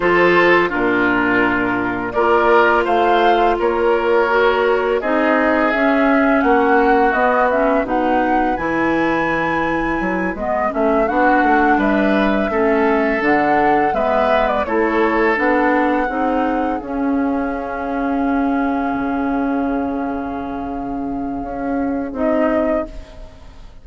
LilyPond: <<
  \new Staff \with { instrumentName = "flute" } { \time 4/4 \tempo 4 = 84 c''4 ais'2 d''4 | f''4 cis''2 dis''4 | e''4 fis''4 dis''8 e''8 fis''4 | gis''2~ gis''8 dis''8 e''8 fis''8~ |
fis''8 e''2 fis''4 e''8~ | e''16 d''16 cis''4 fis''2 f''8~ | f''1~ | f''2. dis''4 | }
  \new Staff \with { instrumentName = "oboe" } { \time 4/4 a'4 f'2 ais'4 | c''4 ais'2 gis'4~ | gis'4 fis'2 b'4~ | b'2.~ b'8 fis'8~ |
fis'8 b'4 a'2 b'8~ | b'8 a'2 gis'4.~ | gis'1~ | gis'1 | }
  \new Staff \with { instrumentName = "clarinet" } { \time 4/4 f'4 d'2 f'4~ | f'2 fis'4 dis'4 | cis'2 b8 cis'8 dis'4 | e'2~ e'8 b8 cis'8 d'8~ |
d'4. cis'4 d'4 b8~ | b8 e'4 d'4 dis'4 cis'8~ | cis'1~ | cis'2. dis'4 | }
  \new Staff \with { instrumentName = "bassoon" } { \time 4/4 f4 ais,2 ais4 | a4 ais2 c'4 | cis'4 ais4 b4 b,4 | e2 fis8 gis8 a8 b8 |
a8 g4 a4 d4 gis8~ | gis8 a4 b4 c'4 cis'8~ | cis'2~ cis'8 cis4.~ | cis2 cis'4 c'4 | }
>>